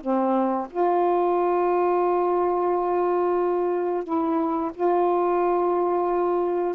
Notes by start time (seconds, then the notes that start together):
0.00 C4
0.70 F4
4.04 E4
4.74 F4